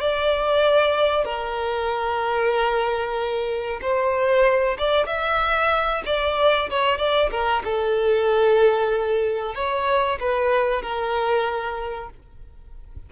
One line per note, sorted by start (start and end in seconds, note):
0.00 1.24 D5
1.24 3.80 A#4
3.81 4.77 C5
4.78 5.06 D5
5.06 6.02 E5
6.06 6.69 D5
6.70 6.98 C#5
6.98 7.30 D5
7.31 7.62 A#4
7.64 9.55 A4
9.55 10.19 C#5
10.20 10.82 B4
10.82 12.09 A#4